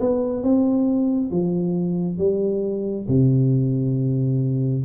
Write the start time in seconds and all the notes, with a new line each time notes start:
0.00 B3
0.43 C4
1.31 F3
2.18 G3
3.08 C3